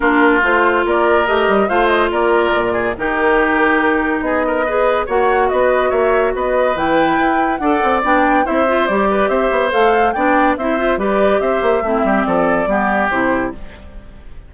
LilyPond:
<<
  \new Staff \with { instrumentName = "flute" } { \time 4/4 \tempo 4 = 142 ais'4 c''4 d''4 dis''4 | f''8 dis''8 d''2 ais'4~ | ais'2 dis''2 | fis''4 dis''4 e''4 dis''4 |
g''2 fis''4 g''4 | e''4 d''4 e''4 f''4 | g''4 e''4 d''4 e''4~ | e''4 d''2 c''4 | }
  \new Staff \with { instrumentName = "oboe" } { \time 4/4 f'2 ais'2 | c''4 ais'4. gis'8 g'4~ | g'2 gis'8 ais'8 b'4 | cis''4 b'4 cis''4 b'4~ |
b'2 d''2 | c''4. b'8 c''2 | d''4 c''4 b'4 c''4 | e'8 g'8 a'4 g'2 | }
  \new Staff \with { instrumentName = "clarinet" } { \time 4/4 d'4 f'2 g'4 | f'2. dis'4~ | dis'2. gis'4 | fis'1 |
e'2 a'4 d'4 | e'8 f'8 g'2 a'4 | d'4 e'8 f'8 g'2 | c'2 b4 e'4 | }
  \new Staff \with { instrumentName = "bassoon" } { \time 4/4 ais4 a4 ais4 a8 g8 | a4 ais4 ais,4 dis4~ | dis2 b2 | ais4 b4 ais4 b4 |
e4 e'4 d'8 c'8 b4 | c'4 g4 c'8 b8 a4 | b4 c'4 g4 c'8 ais8 | a8 g8 f4 g4 c4 | }
>>